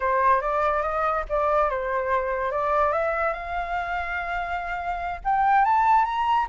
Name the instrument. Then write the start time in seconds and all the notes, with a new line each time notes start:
flute
0.00 C5
0.41 D5
0.82 D#5
1.29 D5
1.69 C5
2.51 D5
2.92 E5
3.33 F5
5.24 G5
5.64 A5
6.05 A#5